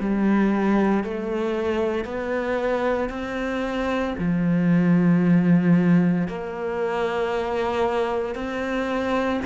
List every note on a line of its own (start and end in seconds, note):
0.00 1.03 G3
1.03 2.04 A3
2.04 3.09 B3
3.09 4.14 C4
4.18 6.28 F3
6.28 8.35 A#3
8.35 9.40 C4